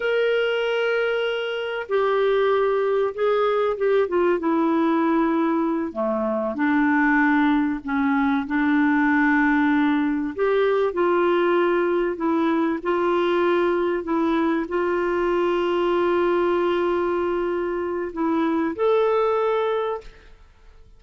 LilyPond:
\new Staff \with { instrumentName = "clarinet" } { \time 4/4 \tempo 4 = 96 ais'2. g'4~ | g'4 gis'4 g'8 f'8 e'4~ | e'4. a4 d'4.~ | d'8 cis'4 d'2~ d'8~ |
d'8 g'4 f'2 e'8~ | e'8 f'2 e'4 f'8~ | f'1~ | f'4 e'4 a'2 | }